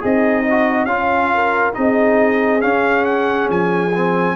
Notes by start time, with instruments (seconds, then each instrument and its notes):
0.00 tuba C4, horn D#4, trombone G#4, trumpet D#5
0.50 trombone F#4
0.85 tuba C#4, trombone F4, trumpet F5
0.92 horn C#4
1.34 horn A#4
1.73 tuba C4, trombone D#4, horn G#4, trumpet D#5
2.61 trombone C#4, tuba C#4, trumpet F5
3.05 trumpet F#5
3.49 tuba F3, trumpet G#5
3.95 trombone C4